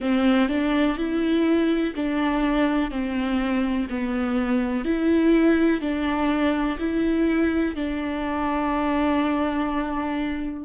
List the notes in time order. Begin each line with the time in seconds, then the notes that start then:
0.00 C4
0.48 D4
0.97 E4
1.95 D4
2.90 C4
3.89 B3
4.84 E4
5.81 D4
6.79 E4
7.75 D4